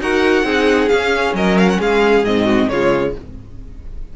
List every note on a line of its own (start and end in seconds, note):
0.00 0.43 D#4
0.00 0.44 F#4
0.00 0.46 A#4
0.00 0.88 F#5
0.43 0.88 C4
0.43 0.89 D#4
0.43 1.35 G#4
0.88 1.33 C#4
0.88 2.25 C#4
0.88 1.33 F5
1.33 1.78 F#3
1.33 1.79 A#4
1.33 1.58 D#5
1.58 1.69 F5
1.69 1.80 F#5
1.79 2.23 G#3
1.79 2.45 G#4
1.79 2.24 F5
2.23 2.68 G#2
2.23 2.70 C4
2.23 2.69 D#5
2.45 2.67 F#4
2.69 3.15 C#3
2.69 3.16 G#3
2.69 3.16 F4
2.69 3.14 C#5